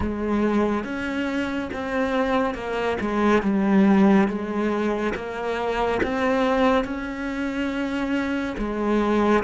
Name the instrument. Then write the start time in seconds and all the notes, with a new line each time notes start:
cello
0.00 G#3
0.84 C#4
1.73 C4
2.54 A#3
3.00 G#3
3.42 G3
4.28 G#3
5.15 A#3
6.02 C4
6.84 C#4
8.58 G#3